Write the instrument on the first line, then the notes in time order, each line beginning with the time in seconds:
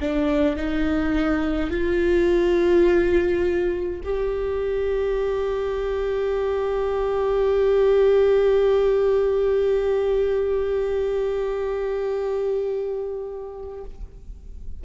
viola
0.00 D4
0.56 D#4
1.70 F4
4.03 G4